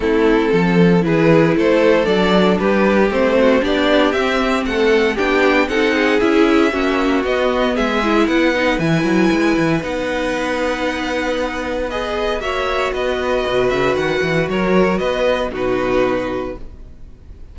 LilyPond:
<<
  \new Staff \with { instrumentName = "violin" } { \time 4/4 \tempo 4 = 116 a'2 b'4 c''4 | d''4 b'4 c''4 d''4 | e''4 fis''4 g''4 fis''4 | e''2 dis''4 e''4 |
fis''4 gis''2 fis''4~ | fis''2. dis''4 | e''4 dis''4. e''8 fis''4 | cis''4 dis''4 b'2 | }
  \new Staff \with { instrumentName = "violin" } { \time 4/4 e'4 a'4 gis'4 a'4~ | a'4 g'4. fis'8 g'4~ | g'4 a'4 g'4 a'8 gis'8~ | gis'4 fis'2 gis'4 |
b'1~ | b'1 | cis''4 b'2. | ais'4 b'4 fis'2 | }
  \new Staff \with { instrumentName = "viola" } { \time 4/4 c'2 e'2 | d'2 c'4 d'4 | c'2 d'4 dis'4 | e'4 cis'4 b4. e'8~ |
e'8 dis'8 e'2 dis'4~ | dis'2. gis'4 | fis'1~ | fis'2 dis'2 | }
  \new Staff \with { instrumentName = "cello" } { \time 4/4 a4 f4 e4 a4 | fis4 g4 a4 b4 | c'4 a4 b4 c'4 | cis'4 ais4 b4 gis4 |
b4 e8 fis8 gis8 e8 b4~ | b1 | ais4 b4 b,8 cis8 dis8 e8 | fis4 b4 b,2 | }
>>